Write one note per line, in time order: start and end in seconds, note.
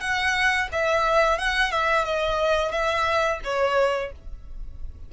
0.00 0.68 F#5
0.72 1.38 E5
1.38 1.71 F#5
1.71 2.05 E5
2.05 2.71 D#5
2.71 3.40 E5
3.44 4.12 C#5